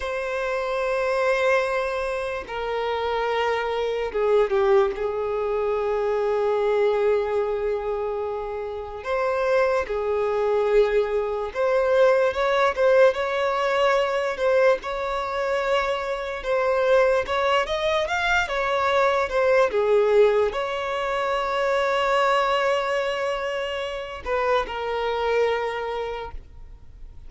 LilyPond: \new Staff \with { instrumentName = "violin" } { \time 4/4 \tempo 4 = 73 c''2. ais'4~ | ais'4 gis'8 g'8 gis'2~ | gis'2. c''4 | gis'2 c''4 cis''8 c''8 |
cis''4. c''8 cis''2 | c''4 cis''8 dis''8 f''8 cis''4 c''8 | gis'4 cis''2.~ | cis''4. b'8 ais'2 | }